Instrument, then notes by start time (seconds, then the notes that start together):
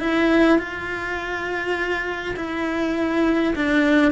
cello
0.00 E4
0.59 F4
2.37 E4
3.56 D4